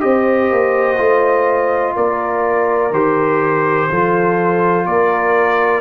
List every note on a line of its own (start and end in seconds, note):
0.00 0.51 C4
0.00 0.97 G4
0.00 1.95 C5
0.00 1.94 D#5
0.51 0.98 A#3
0.97 1.95 A3
0.97 2.90 F4
1.95 2.90 A#3
1.95 3.89 A#4
1.95 2.93 D5
2.90 3.87 D#3
2.90 3.90 G4
2.90 4.86 C5
3.90 4.85 F3
3.90 5.80 F4
3.90 4.86 A4
4.85 5.80 A#3
4.85 5.80 A#4
4.85 5.80 D5